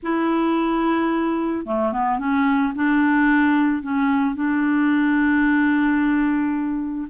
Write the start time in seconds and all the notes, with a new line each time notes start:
0.02 E4
1.66 A3
1.92 B3
2.18 C#4
2.75 D4
3.82 C#4
4.35 D4